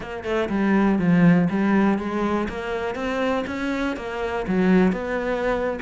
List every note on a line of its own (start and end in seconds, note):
0.00 0.24 A#3
0.24 0.48 A3
0.49 0.98 G3
0.98 1.48 F3
1.50 1.98 G3
1.98 2.48 G#3
2.48 2.95 A#3
2.95 3.44 C4
3.47 3.96 C#4
3.96 4.46 A#3
4.47 4.92 F#3
4.92 5.79 B3